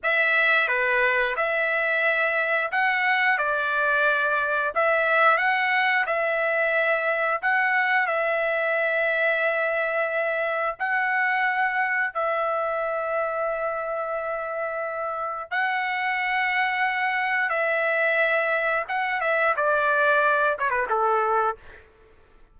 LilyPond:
\new Staff \with { instrumentName = "trumpet" } { \time 4/4 \tempo 4 = 89 e''4 b'4 e''2 | fis''4 d''2 e''4 | fis''4 e''2 fis''4 | e''1 |
fis''2 e''2~ | e''2. fis''4~ | fis''2 e''2 | fis''8 e''8 d''4. cis''16 b'16 a'4 | }